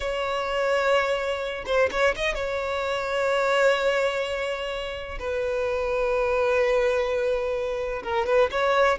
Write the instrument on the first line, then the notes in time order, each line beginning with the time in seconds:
violin
0.00 C#5
1.66 C5
1.91 C#5
2.16 D#5
2.34 C#5
5.19 B4
8.03 A#4
8.26 B4
8.51 C#5